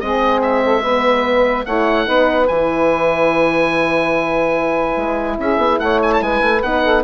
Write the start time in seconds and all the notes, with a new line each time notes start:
0.00 G#3 C4 G#4 D#5
0.42 E5
0.64 A4
0.82 B3 B4
1.66 A3 E4 C#5 F#5
2.06 B3 D#4 B4
2.48 E3 E4 G#5
4.97 G#3
5.39 C#4 G#4 E5
5.58 B3
5.80 A3 C#5 F#5
6.03 G#5
6.13 A5
6.22 G#3 B4 G#5
6.41 A3
6.63 B3 D#4 F#5
6.84 A4